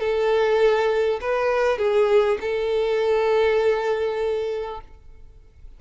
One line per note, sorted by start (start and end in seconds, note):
0.00 1.20 A4
1.21 1.78 B4
1.78 2.38 G#4
2.41 4.81 A4